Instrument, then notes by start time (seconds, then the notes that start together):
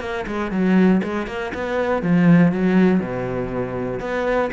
cello
0.00 A#3
0.27 G#3
0.51 F#3
1.03 G#3
1.27 A#3
1.54 B3
2.02 F3
2.52 F#3
3.00 B2
4.00 B3